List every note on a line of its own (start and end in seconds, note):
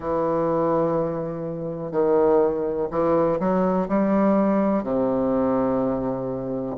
0.00 1.91 E3
1.91 2.88 D#3
2.90 3.39 E3
3.39 3.88 F#3
3.88 4.83 G3
4.83 6.76 C3